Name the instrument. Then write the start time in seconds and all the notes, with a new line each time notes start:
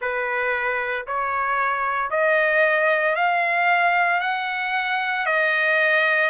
trumpet
0.01 B4
1.06 C#5
2.10 D#5
3.15 F5
4.20 F#5
5.26 D#5